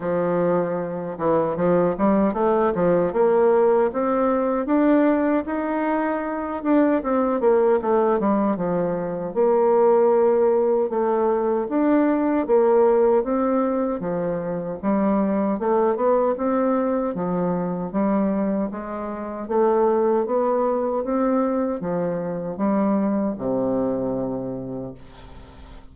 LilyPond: \new Staff \with { instrumentName = "bassoon" } { \time 4/4 \tempo 4 = 77 f4. e8 f8 g8 a8 f8 | ais4 c'4 d'4 dis'4~ | dis'8 d'8 c'8 ais8 a8 g8 f4 | ais2 a4 d'4 |
ais4 c'4 f4 g4 | a8 b8 c'4 f4 g4 | gis4 a4 b4 c'4 | f4 g4 c2 | }